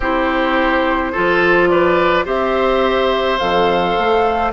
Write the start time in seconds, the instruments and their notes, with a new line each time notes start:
0.00 bassoon C4, clarinet E4, oboe G4, flute C5
1.12 bassoon F3, clarinet F4, oboe A4
1.67 oboe B4, flute D5
2.25 bassoon C4, clarinet G4, oboe C5, flute E5
3.38 bassoon F2, clarinet A4, flute F5
3.98 bassoon A3